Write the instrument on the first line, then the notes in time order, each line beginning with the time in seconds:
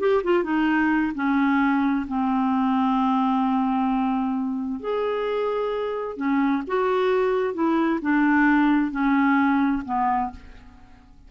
clarinet
0.00 G4
0.24 F4
0.44 D#4
1.16 C#4
2.08 C4
4.80 G#4
6.17 C#4
6.68 F#4
7.54 E4
8.02 D4
8.92 C#4
9.86 B3